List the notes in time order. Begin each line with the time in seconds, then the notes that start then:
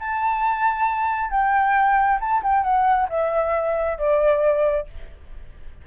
0.00 A5
1.31 G5
2.21 A5
2.43 G5
2.64 F#5
3.09 E5
3.98 D5